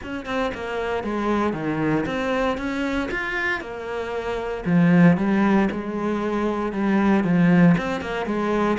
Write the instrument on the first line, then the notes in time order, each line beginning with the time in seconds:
cello
0.03 C#4
0.25 C4
0.54 A#3
1.03 G#3
1.53 D#3
2.06 C4
2.57 C#4
3.11 F4
3.60 A#3
4.65 F3
5.17 G3
5.71 G#3
6.72 G3
7.23 F3
7.77 C4
8.01 A#3
8.25 G#3